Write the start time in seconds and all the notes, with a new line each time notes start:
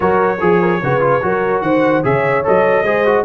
0.00 F#3 F#4 A#4 C#5
0.38 F3 G#4
0.61 A#4
0.82 C#3 F#4 B4
1.00 F4
1.21 F#3 F#4 A#4
1.61 D#3 C5 F#5
2.03 C#3 G#4 C#5 E5
2.44 F#3 A4 D#5
2.82 G#3 G#4 C5
3.05 F#4